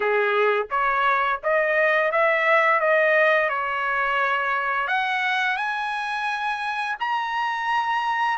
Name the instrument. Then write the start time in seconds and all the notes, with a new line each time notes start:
trumpet
0.00 G#4
0.70 C#5
1.43 D#5
2.11 E5
2.80 D#5
3.49 C#5
4.87 F#5
5.56 G#5
7.00 A#5